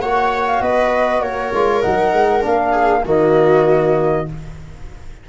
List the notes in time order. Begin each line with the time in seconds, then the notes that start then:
0.00 A#3 F#4 C#5 F#5
0.47 F5
0.61 B3 B4 D#5
1.21 A#3 A#4 C#5
1.53 G#3 F4
1.82 F#3 D#4 F#5
2.13 G#3
2.41 A#3 D4 F5
2.72 G#4
3.05 D#3 A#3 F#4 D#5